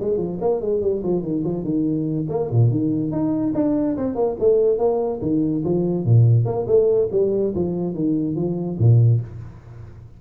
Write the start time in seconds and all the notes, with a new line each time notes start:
0.00 G#3
0.17 F3
0.41 A#3
0.61 G#3
0.81 G3
1.03 F3
1.22 D#3
1.44 F3
1.64 D#3
2.29 A#3
2.51 A#2
2.71 D#3
3.11 D#4
3.54 D4
3.97 C4
4.15 A#3
4.40 A3
4.78 A#3
5.22 D#3
5.65 F3
6.05 A#2
6.45 A#3
6.67 A3
7.11 G3
7.55 F3
7.94 D#3
8.35 F3
8.79 A#2